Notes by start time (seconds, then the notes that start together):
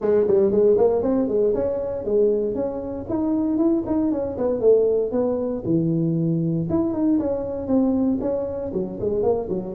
0.01 G#3
0.27 G3
0.51 G#3
0.77 A#3
1.02 C4
1.28 G#3
1.54 C#4
2.04 G#3
2.54 C#4
3.09 D#4
3.57 E4
3.86 D#4
4.11 C#4
4.37 B3
4.60 A3
5.11 B3
5.65 E3
6.69 E4
6.93 D#4
7.19 C#4
7.67 C4
8.21 C#4
8.73 F#3
9.00 G#3
9.22 A#3
9.49 F#3